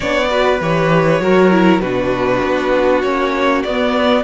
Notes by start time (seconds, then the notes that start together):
0.00 B3 D4 C#5 D5
0.30 F#4 B4
0.60 E3 G4 C#5
1.20 F#3 F#4 A#4
1.51 E4
1.80 B2 D4 F#4 B4
2.43 B3
3.02 A#3 C#4 C#5
3.63 B3 D5